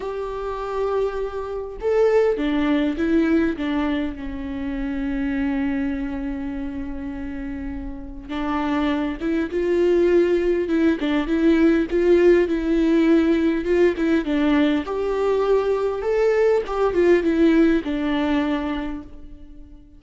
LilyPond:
\new Staff \with { instrumentName = "viola" } { \time 4/4 \tempo 4 = 101 g'2. a'4 | d'4 e'4 d'4 cis'4~ | cis'1~ | cis'2 d'4. e'8 |
f'2 e'8 d'8 e'4 | f'4 e'2 f'8 e'8 | d'4 g'2 a'4 | g'8 f'8 e'4 d'2 | }